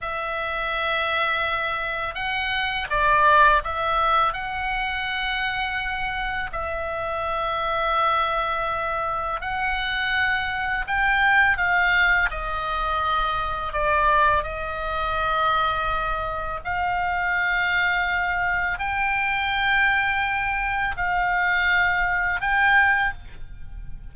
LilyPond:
\new Staff \with { instrumentName = "oboe" } { \time 4/4 \tempo 4 = 83 e''2. fis''4 | d''4 e''4 fis''2~ | fis''4 e''2.~ | e''4 fis''2 g''4 |
f''4 dis''2 d''4 | dis''2. f''4~ | f''2 g''2~ | g''4 f''2 g''4 | }